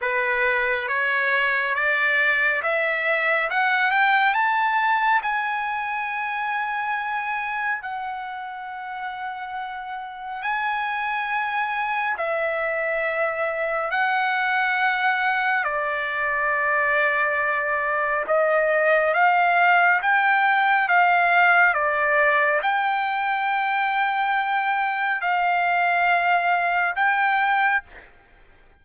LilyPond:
\new Staff \with { instrumentName = "trumpet" } { \time 4/4 \tempo 4 = 69 b'4 cis''4 d''4 e''4 | fis''8 g''8 a''4 gis''2~ | gis''4 fis''2. | gis''2 e''2 |
fis''2 d''2~ | d''4 dis''4 f''4 g''4 | f''4 d''4 g''2~ | g''4 f''2 g''4 | }